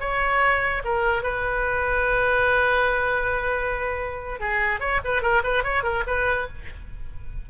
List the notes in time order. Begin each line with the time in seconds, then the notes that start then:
0.00 C#5
0.84 A#4
1.23 B4
4.40 G#4
4.80 C#5
5.05 B4
5.22 A#4
5.44 B4
5.64 C#5
5.83 A#4
6.07 B4